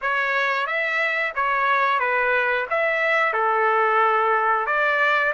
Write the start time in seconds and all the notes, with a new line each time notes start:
0.01 C#5
0.66 E5
1.35 C#5
1.99 B4
2.70 E5
3.33 A4
4.66 D5